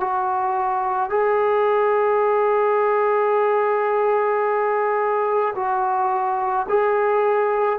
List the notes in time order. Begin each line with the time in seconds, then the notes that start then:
0.00 F#4
1.10 G#4
5.55 F#4
6.69 G#4